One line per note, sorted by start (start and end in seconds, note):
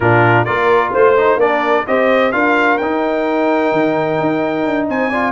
0.00 0.46 A#2
0.00 0.46 D4
0.00 0.46 F4
0.00 0.44 A#4
0.44 0.94 A#3
0.44 1.16 F4
0.44 0.92 A#4
0.44 0.91 D5
0.92 1.36 A3
0.92 1.37 C5
0.92 1.40 C5
1.16 1.40 D#4
1.36 1.83 A#3
1.36 1.86 D4
1.36 1.83 A#4
1.36 1.86 D5
1.86 2.33 C4
1.86 2.32 G4
1.86 2.33 C5
1.86 2.32 D#5
2.32 2.79 D4
2.32 2.78 F4
2.32 4.88 A#4
2.32 2.77 F5
2.77 3.71 D#4
2.77 5.13 D#4
2.77 4.86 G5
3.71 4.18 D#3
4.20 4.65 D#4
4.65 4.88 D4
4.88 5.31 C4
4.88 5.09 C5
4.88 5.31 G#5
5.09 5.31 F4
5.09 5.31 D5